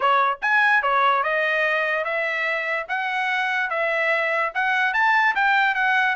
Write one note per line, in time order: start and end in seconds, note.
0.00 0.38 C#5
0.41 0.82 G#5
0.82 1.23 C#5
1.23 2.04 D#5
2.04 2.86 E5
2.88 3.69 F#5
3.69 4.52 E5
4.54 4.93 F#5
4.93 5.34 A5
5.35 5.75 G5
5.75 6.15 F#5